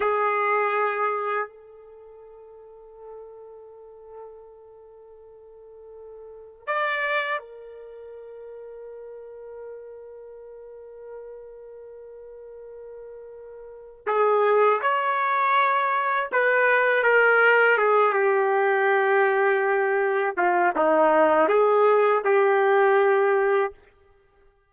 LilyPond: \new Staff \with { instrumentName = "trumpet" } { \time 4/4 \tempo 4 = 81 gis'2 a'2~ | a'1~ | a'4 d''4 ais'2~ | ais'1~ |
ais'2. gis'4 | cis''2 b'4 ais'4 | gis'8 g'2. f'8 | dis'4 gis'4 g'2 | }